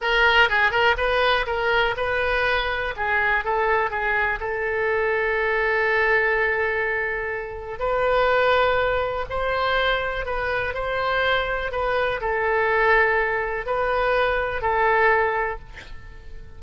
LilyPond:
\new Staff \with { instrumentName = "oboe" } { \time 4/4 \tempo 4 = 123 ais'4 gis'8 ais'8 b'4 ais'4 | b'2 gis'4 a'4 | gis'4 a'2.~ | a'1 |
b'2. c''4~ | c''4 b'4 c''2 | b'4 a'2. | b'2 a'2 | }